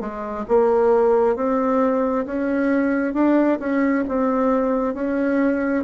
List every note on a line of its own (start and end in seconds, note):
0.00 0.45 G#3
0.48 1.36 A#3
1.36 2.25 C4
2.26 3.13 C#4
3.13 3.58 D4
3.59 4.04 C#4
4.08 4.94 C4
4.94 5.83 C#4